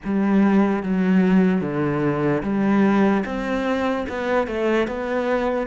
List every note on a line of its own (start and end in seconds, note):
0.04 0.82 G3
0.82 1.61 F#3
1.61 2.42 D3
2.43 3.24 G3
3.25 4.06 C4
4.08 4.47 B3
4.47 4.87 A3
4.87 5.67 B3